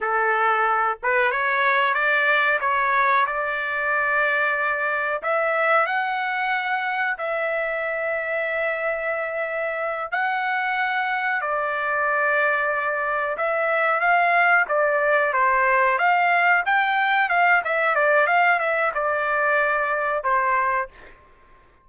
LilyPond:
\new Staff \with { instrumentName = "trumpet" } { \time 4/4 \tempo 4 = 92 a'4. b'8 cis''4 d''4 | cis''4 d''2. | e''4 fis''2 e''4~ | e''2.~ e''8 fis''8~ |
fis''4. d''2~ d''8~ | d''8 e''4 f''4 d''4 c''8~ | c''8 f''4 g''4 f''8 e''8 d''8 | f''8 e''8 d''2 c''4 | }